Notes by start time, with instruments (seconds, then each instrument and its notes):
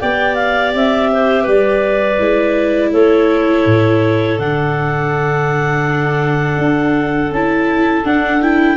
0.00 tuba B3, viola G4, clarinet D5 G5
0.35 clarinet F5
0.74 tuba C4, clarinet E5
1.12 clarinet C5
1.42 tuba G3, clarinet B4 D5
2.19 tuba G#3, viola E4
2.92 tuba A3, clarinet A4 C#5
3.65 tuba A2
4.39 tuba D3, viola D4, clarinet F#5
6.58 tuba D4
7.31 tuba C#4, viola E4, clarinet A5
8.04 viola D4, tuba D4, clarinet F#5
8.41 viola E4, clarinet G5